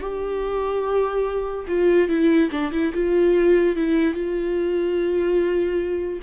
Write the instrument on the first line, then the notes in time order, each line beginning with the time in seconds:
viola
0.00 G4
1.67 F4
2.08 E4
2.51 D4
2.72 E4
2.93 F4
3.75 E4
4.14 F4